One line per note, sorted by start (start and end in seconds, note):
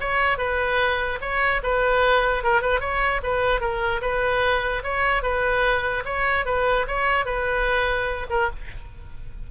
0.00 0.38 C#5
0.38 1.19 B4
1.21 1.61 C#5
1.63 2.43 B4
2.43 2.61 A#4
2.61 2.80 B4
2.80 3.21 C#5
3.22 3.60 B4
3.60 4.01 A#4
4.01 4.82 B4
4.83 5.22 C#5
5.22 6.03 B4
6.05 6.45 C#5
6.45 6.86 B4
6.87 7.25 C#5
7.25 8.26 B4
8.29 8.50 A#4